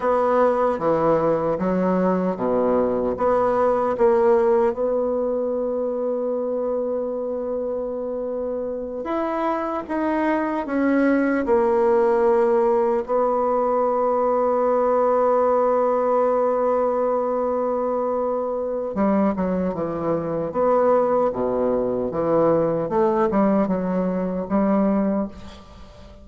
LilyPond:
\new Staff \with { instrumentName = "bassoon" } { \time 4/4 \tempo 4 = 76 b4 e4 fis4 b,4 | b4 ais4 b2~ | b2.~ b8 e'8~ | e'8 dis'4 cis'4 ais4.~ |
ais8 b2.~ b8~ | b1 | g8 fis8 e4 b4 b,4 | e4 a8 g8 fis4 g4 | }